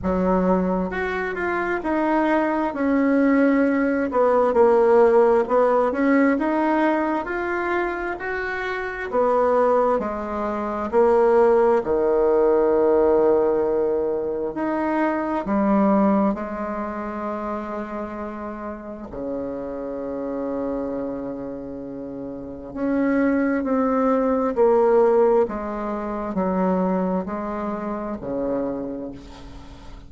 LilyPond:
\new Staff \with { instrumentName = "bassoon" } { \time 4/4 \tempo 4 = 66 fis4 fis'8 f'8 dis'4 cis'4~ | cis'8 b8 ais4 b8 cis'8 dis'4 | f'4 fis'4 b4 gis4 | ais4 dis2. |
dis'4 g4 gis2~ | gis4 cis2.~ | cis4 cis'4 c'4 ais4 | gis4 fis4 gis4 cis4 | }